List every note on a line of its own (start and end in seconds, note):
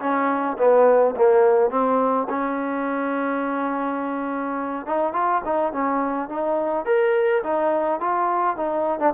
0.00 0.57 C#4
0.58 1.15 B3
1.16 1.71 A#3
1.71 2.28 C4
2.30 4.86 C#4
4.86 5.13 D#4
5.13 5.42 F4
5.45 5.73 D#4
5.73 6.29 C#4
6.29 6.86 D#4
6.86 7.43 A#4
7.44 8.01 D#4
8.01 8.57 F4
8.57 9.00 D#4
9.00 9.14 D4